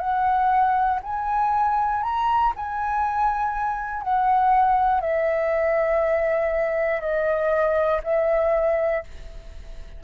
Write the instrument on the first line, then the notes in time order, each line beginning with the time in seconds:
flute
0.00 F#5
1.03 G#5
2.03 A#5
2.56 G#5
4.03 F#5
5.01 E5
7.01 D#5
8.04 E5